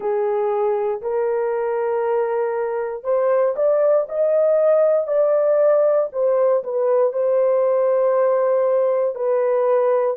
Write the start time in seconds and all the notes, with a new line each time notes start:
0.00 G#4
1.01 A#4
3.03 C5
3.56 D5
4.08 D#5
5.07 D5
6.12 C5
6.63 B4
7.12 C5
9.15 B4